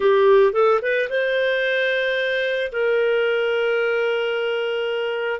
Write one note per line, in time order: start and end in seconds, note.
0.00 0.53 G4
0.53 0.80 A4
0.81 1.08 B4
1.09 2.71 C5
2.71 5.40 A#4